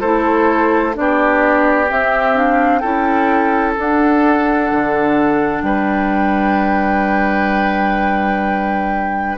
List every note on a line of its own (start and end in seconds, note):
0.00 0.96 A3
0.00 0.93 E4
0.00 0.94 A4
0.00 0.94 C5
0.93 1.90 B3
0.93 1.86 D4
0.93 1.90 D5
1.00 2.80 G4
1.87 2.34 C4
1.87 2.83 C4
1.87 2.37 E5
2.34 2.81 D4
2.34 2.79 F5
2.79 3.76 C#4
2.79 3.76 E4
2.79 5.61 A4
2.79 3.73 G5
3.77 4.71 D4
3.77 9.38 D4
3.77 5.61 F#5
4.71 5.62 D3
5.61 9.37 G3
5.61 9.38 B4
5.61 9.36 G5